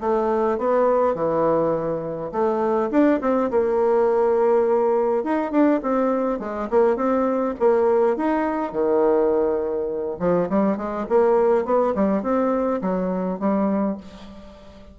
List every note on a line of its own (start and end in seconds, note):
0.00 0.58 A3
0.58 1.14 B3
1.14 2.31 E3
2.31 2.90 A3
2.91 3.20 D4
3.21 3.50 C4
3.51 5.23 A#3
5.23 5.51 D#4
5.51 5.80 D4
5.82 6.39 C4
6.39 6.68 G#3
6.70 6.96 A#3
6.96 7.54 C4
7.59 8.17 A#3
8.17 8.72 D#4
8.72 10.18 D#3
10.19 10.49 F3
10.49 10.77 G3
10.77 11.06 G#3
11.09 11.65 A#3
11.65 11.94 B3
11.95 12.23 G3
12.23 12.81 C4
12.81 13.39 F#3
13.39 13.97 G3